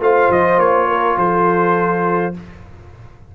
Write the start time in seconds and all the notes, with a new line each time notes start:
0.00 A3 F4 C5 F5
0.29 F3 D#5
0.58 A#3 C#5
0.88 A#4
1.18 F3 A4 C5